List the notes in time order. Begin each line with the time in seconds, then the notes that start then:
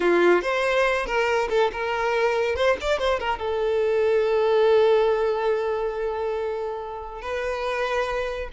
0.00 F4
0.42 C5
1.05 A#4
1.49 A4
1.72 A#4
2.55 C5
2.80 D5
2.98 C5
3.19 A#4
3.38 A4
7.21 B4